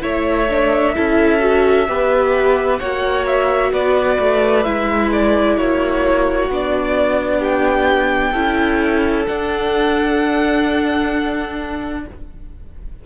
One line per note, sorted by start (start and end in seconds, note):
0.00 0.95 A3
0.00 0.46 E4
0.00 0.95 C#5
0.00 2.78 E5
0.49 0.95 D4
0.95 1.88 C#4
0.95 1.39 E4
0.95 1.88 A4
1.39 1.85 F#4
1.88 2.80 B3
1.88 2.80 G4
1.88 2.79 B4
2.78 3.72 A#3
2.78 4.64 F#4
2.78 3.72 C#5
2.78 3.24 F#5
3.26 3.72 E5
3.72 4.18 B3
3.72 5.55 B4
3.72 4.63 D5
4.19 4.65 A3
4.63 5.57 G#3
4.63 6.49 E4
4.63 5.09 E5
5.12 5.57 D5
5.55 6.49 A#3
5.55 7.38 F#4
5.55 6.49 C#5
6.49 8.34 B3
6.49 8.34 D4
6.49 7.42 D5
7.38 8.30 G4
7.38 9.25 G5
8.30 9.26 C#4
8.30 9.26 E4
8.30 12.00 A4
9.25 12.03 D4
9.25 12.05 D4
9.25 12.02 F#5